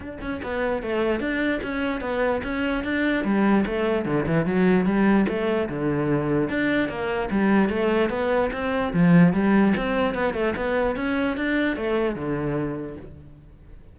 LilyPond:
\new Staff \with { instrumentName = "cello" } { \time 4/4 \tempo 4 = 148 d'8 cis'8 b4 a4 d'4 | cis'4 b4 cis'4 d'4 | g4 a4 d8 e8 fis4 | g4 a4 d2 |
d'4 ais4 g4 a4 | b4 c'4 f4 g4 | c'4 b8 a8 b4 cis'4 | d'4 a4 d2 | }